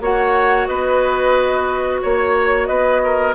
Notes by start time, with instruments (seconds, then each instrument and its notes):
0.00 bassoon A#3, clarinet F#4, oboe C#5, flute F#5
0.67 bassoon B3, oboe B4, flute D#5
2.02 bassoon A#3, oboe C#5, flute C#5
2.66 bassoon B3, oboe B4, flute D#5
3.04 oboe A#4